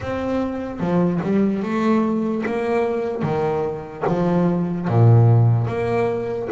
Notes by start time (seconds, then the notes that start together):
0.00 C4
0.80 F3
1.23 G3
1.62 A3
2.46 A#3
3.22 D#3
4.07 F3
4.88 A#2
5.67 A#3